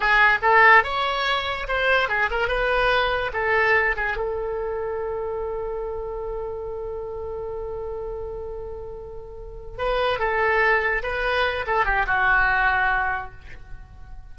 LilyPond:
\new Staff \with { instrumentName = "oboe" } { \time 4/4 \tempo 4 = 144 gis'4 a'4 cis''2 | c''4 gis'8 ais'8 b'2 | a'4. gis'8 a'2~ | a'1~ |
a'1~ | a'2.~ a'8 b'8~ | b'8 a'2 b'4. | a'8 g'8 fis'2. | }